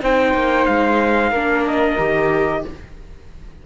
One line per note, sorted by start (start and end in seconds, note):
0.00 0.34 C4
0.00 1.32 D#4
0.00 1.31 C5
0.00 0.66 G5
0.34 0.67 A#3
0.66 1.31 G#3
0.66 1.65 F5
1.31 1.97 A#3
1.31 1.98 D4
1.31 2.62 A#4
1.67 2.66 D#5
1.98 2.64 D#3
1.98 2.64 G4